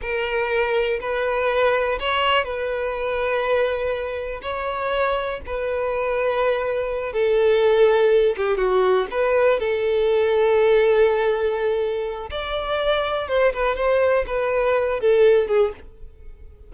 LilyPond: \new Staff \with { instrumentName = "violin" } { \time 4/4 \tempo 4 = 122 ais'2 b'2 | cis''4 b'2.~ | b'4 cis''2 b'4~ | b'2~ b'8 a'4.~ |
a'4 g'8 fis'4 b'4 a'8~ | a'1~ | a'4 d''2 c''8 b'8 | c''4 b'4. a'4 gis'8 | }